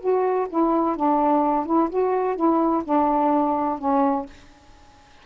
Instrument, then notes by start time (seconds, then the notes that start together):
saxophone
0.00 F#4
0.49 E4
0.96 D4
1.66 E4
1.90 F#4
2.35 E4
2.84 D4
3.79 C#4